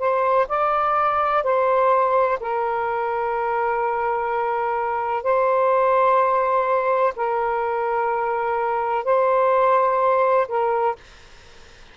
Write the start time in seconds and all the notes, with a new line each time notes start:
0.00 C5
0.49 D5
1.44 C5
2.40 A#4
5.24 C5
7.16 A#4
9.05 C5
10.48 A#4